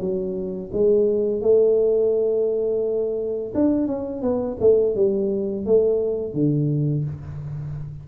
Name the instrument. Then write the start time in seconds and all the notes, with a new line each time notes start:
tuba
0.00 F#3
0.72 G#3
1.41 A3
3.55 D4
3.87 C#4
4.21 B3
4.60 A3
4.95 G3
5.66 A3
6.33 D3